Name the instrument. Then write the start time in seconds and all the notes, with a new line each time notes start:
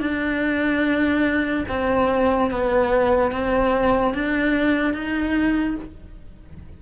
cello
0.00 D4
1.68 C4
2.51 B3
3.32 C4
4.14 D4
4.93 D#4